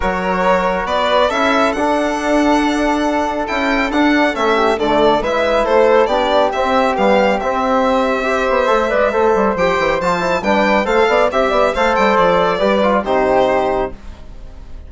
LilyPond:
<<
  \new Staff \with { instrumentName = "violin" } { \time 4/4 \tempo 4 = 138 cis''2 d''4 e''4 | fis''1 | g''4 fis''4 e''4 d''4 | e''4 c''4 d''4 e''4 |
f''4 e''2.~ | e''2 g''4 a''4 | g''4 f''4 e''4 f''8 g''8 | d''2 c''2 | }
  \new Staff \with { instrumentName = "flute" } { \time 4/4 ais'2 b'4 a'4~ | a'1~ | a'2~ a'8 g'8 a'4 | b'4 a'4 g'2~ |
g'2. c''4~ | c''8 d''8 c''2. | b'4 c''8 d''8 e''8 d''8 c''4~ | c''4 b'4 g'2 | }
  \new Staff \with { instrumentName = "trombone" } { \time 4/4 fis'2. e'4 | d'1 | e'4 d'4 cis'4 a4 | e'2 d'4 c'4 |
b4 c'2 g'4 | a'8 b'8 a'4 g'4 f'8 e'8 | d'4 a'4 g'4 a'4~ | a'4 g'8 f'8 dis'2 | }
  \new Staff \with { instrumentName = "bassoon" } { \time 4/4 fis2 b4 cis'4 | d'1 | cis'4 d'4 a4 d4 | gis4 a4 b4 c'4 |
g4 c'2~ c'8 b8 | a8 gis8 a8 g8 f8 e8 f4 | g4 a8 b8 c'8 b8 a8 g8 | f4 g4 c2 | }
>>